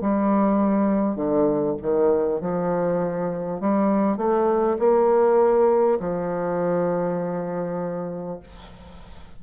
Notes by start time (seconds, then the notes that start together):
0.00 G3
1.15 D3
1.82 D#3
2.40 F3
3.60 G3
4.17 A3
4.78 A#3
5.99 F3